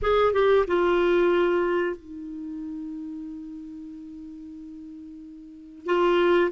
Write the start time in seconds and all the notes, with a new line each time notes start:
0.02 G#4
0.33 G4
0.67 F4
1.96 D#4
5.86 F4